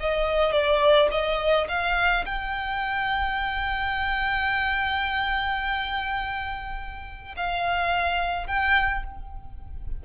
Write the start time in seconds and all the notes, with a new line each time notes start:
0.00 D#5
0.52 D5
1.11 D#5
1.68 F5
2.26 G5
7.36 F5
8.47 G5